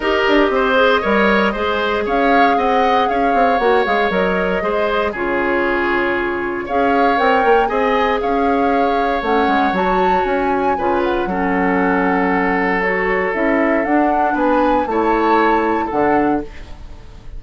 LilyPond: <<
  \new Staff \with { instrumentName = "flute" } { \time 4/4 \tempo 4 = 117 dis''1 | f''4 fis''4 f''4 fis''8 f''8 | dis''2 cis''2~ | cis''4 f''4 g''4 gis''4 |
f''2 fis''4 a''4 | gis''4. fis''2~ fis''8~ | fis''4 cis''4 e''4 fis''4 | gis''4 a''2 fis''4 | }
  \new Staff \with { instrumentName = "oboe" } { \time 4/4 ais'4 c''4 cis''4 c''4 | cis''4 dis''4 cis''2~ | cis''4 c''4 gis'2~ | gis'4 cis''2 dis''4 |
cis''1~ | cis''4 b'4 a'2~ | a'1 | b'4 cis''2 a'4 | }
  \new Staff \with { instrumentName = "clarinet" } { \time 4/4 g'4. gis'8 ais'4 gis'4~ | gis'2. fis'8 gis'8 | ais'4 gis'4 f'2~ | f'4 gis'4 ais'4 gis'4~ |
gis'2 cis'4 fis'4~ | fis'4 f'4 cis'2~ | cis'4 fis'4 e'4 d'4~ | d'4 e'2 d'4 | }
  \new Staff \with { instrumentName = "bassoon" } { \time 4/4 dis'8 d'8 c'4 g4 gis4 | cis'4 c'4 cis'8 c'8 ais8 gis8 | fis4 gis4 cis2~ | cis4 cis'4 c'8 ais8 c'4 |
cis'2 a8 gis8 fis4 | cis'4 cis4 fis2~ | fis2 cis'4 d'4 | b4 a2 d4 | }
>>